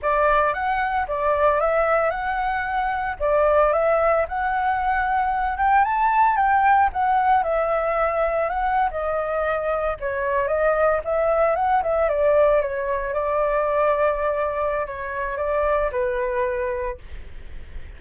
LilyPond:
\new Staff \with { instrumentName = "flute" } { \time 4/4 \tempo 4 = 113 d''4 fis''4 d''4 e''4 | fis''2 d''4 e''4 | fis''2~ fis''8 g''8 a''4 | g''4 fis''4 e''2 |
fis''8. dis''2 cis''4 dis''16~ | dis''8. e''4 fis''8 e''8 d''4 cis''16~ | cis''8. d''2.~ d''16 | cis''4 d''4 b'2 | }